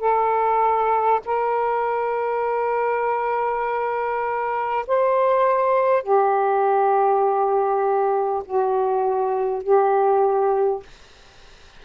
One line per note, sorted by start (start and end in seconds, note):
0.00 1.20 A4
1.25 4.85 A#4
4.87 6.03 C5
6.03 8.43 G4
8.45 9.63 F#4
9.63 10.83 G4